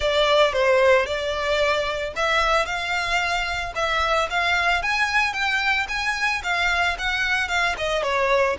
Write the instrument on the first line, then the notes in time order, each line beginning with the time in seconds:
violin
0.00 D5
0.52 C5
1.06 D5
2.16 E5
2.65 F5
3.75 E5
4.30 F5
4.82 G#5
5.33 G5
5.88 G#5
6.43 F5
6.98 F#5
7.48 F5
7.77 D#5
8.02 C#5